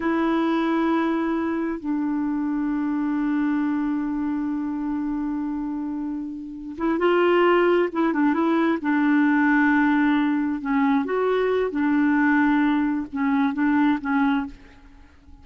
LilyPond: \new Staff \with { instrumentName = "clarinet" } { \time 4/4 \tempo 4 = 133 e'1 | d'1~ | d'1~ | d'2. e'8 f'8~ |
f'4. e'8 d'8 e'4 d'8~ | d'2.~ d'8 cis'8~ | cis'8 fis'4. d'2~ | d'4 cis'4 d'4 cis'4 | }